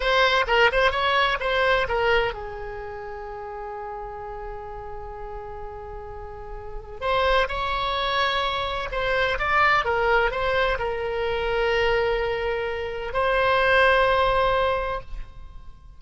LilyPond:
\new Staff \with { instrumentName = "oboe" } { \time 4/4 \tempo 4 = 128 c''4 ais'8 c''8 cis''4 c''4 | ais'4 gis'2.~ | gis'1~ | gis'2. c''4 |
cis''2. c''4 | d''4 ais'4 c''4 ais'4~ | ais'1 | c''1 | }